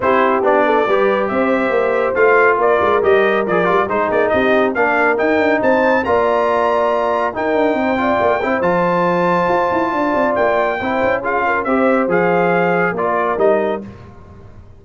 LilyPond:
<<
  \new Staff \with { instrumentName = "trumpet" } { \time 4/4 \tempo 4 = 139 c''4 d''2 e''4~ | e''4 f''4 d''4 dis''4 | d''4 c''8 d''8 dis''4 f''4 | g''4 a''4 ais''2~ |
ais''4 g''2. | a''1 | g''2 f''4 e''4 | f''2 d''4 dis''4 | }
  \new Staff \with { instrumentName = "horn" } { \time 4/4 g'4. a'8 b'4 c''4~ | c''2 ais'2~ | ais'4 gis'4 g'4 ais'4~ | ais'4 c''4 d''2~ |
d''4 ais'4 c''8 d''4 c''8~ | c''2. d''4~ | d''4 c''4 gis'8 ais'8 c''4~ | c''2 ais'2 | }
  \new Staff \with { instrumentName = "trombone" } { \time 4/4 e'4 d'4 g'2~ | g'4 f'2 g'4 | gis'8 f'8 dis'2 d'4 | dis'2 f'2~ |
f'4 dis'4. f'4 e'8 | f'1~ | f'4 e'4 f'4 g'4 | gis'2 f'4 dis'4 | }
  \new Staff \with { instrumentName = "tuba" } { \time 4/4 c'4 b4 g4 c'4 | ais4 a4 ais8 gis8 g4 | f8 g8 gis8 ais8 c'4 ais4 | dis'8 d'8 c'4 ais2~ |
ais4 dis'8 d'8 c'4 ais8 c'8 | f2 f'8 e'8 d'8 c'8 | ais4 c'8 cis'4. c'4 | f2 ais4 g4 | }
>>